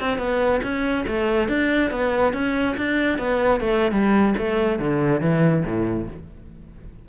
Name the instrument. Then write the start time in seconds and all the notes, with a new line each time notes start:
cello
0.00 C4
0.18 B3
0.63 C#4
1.08 A3
1.49 D4
1.91 B3
2.34 C#4
2.77 D4
3.19 B3
3.61 A3
3.92 G3
4.38 A3
4.79 D3
5.21 E3
5.65 A2